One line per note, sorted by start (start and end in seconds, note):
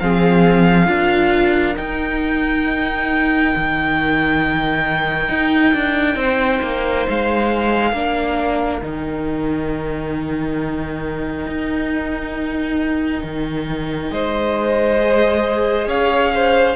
0.00 0.88 F3
0.00 0.87 C4
0.00 0.90 G#4
0.00 1.76 F5
0.87 1.76 D4
0.87 1.75 F4
0.87 6.19 A#4
1.76 7.94 D#4
1.76 3.55 D#4
1.76 7.06 G5
3.56 5.29 D#3
5.29 5.73 D#4
5.74 6.16 D4
6.16 6.60 C4
6.16 7.92 C5
6.62 7.07 A#3
7.09 7.93 G#3
7.09 8.85 F5
7.92 8.81 A#3
7.92 8.82 D4
7.92 14.09 A#4
8.82 11.47 D#3
8.82 14.99 D#4
8.82 14.12 G5
11.47 13.23 D#4
13.24 14.11 D#3
14.11 15.87 G#3
14.11 15.88 C5
14.11 15.88 D#5
14.99 16.75 G#4
15.87 16.75 C#4
15.87 16.32 C#5
15.87 16.76 F5
16.35 16.76 C5